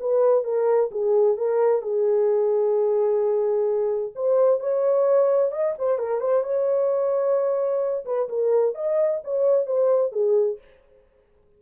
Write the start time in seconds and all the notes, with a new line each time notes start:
0.00 B4
0.44 A#4
0.91 G#4
1.37 A#4
1.82 G#4
4.15 C5
4.60 C#5
5.51 D#5
5.78 C5
5.98 A#4
6.20 C5
6.43 C#5
8.05 B4
8.28 A#4
8.75 D#5
9.24 C#5
9.66 C5
10.12 G#4